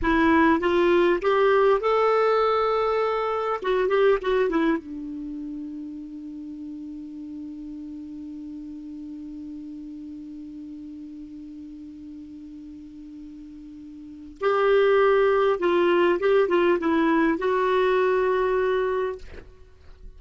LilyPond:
\new Staff \with { instrumentName = "clarinet" } { \time 4/4 \tempo 4 = 100 e'4 f'4 g'4 a'4~ | a'2 fis'8 g'8 fis'8 e'8 | d'1~ | d'1~ |
d'1~ | d'1 | g'2 f'4 g'8 f'8 | e'4 fis'2. | }